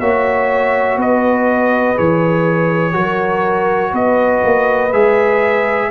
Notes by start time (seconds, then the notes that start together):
0.00 A#3 F#4 C#5 E5
0.97 B3 B4 D#5
1.96 E3 G#4 C#5
2.93 F#3 F#4 A#4
3.91 B3 B4 D#5
4.44 A#3
4.93 G#3 G#4 E5